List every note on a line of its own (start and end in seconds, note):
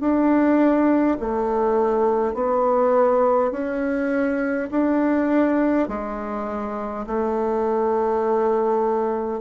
0.00 1.18 D4
1.20 2.34 A3
2.34 3.51 B3
3.51 4.69 C#4
4.71 5.88 D4
5.88 7.06 G#3
7.06 9.40 A3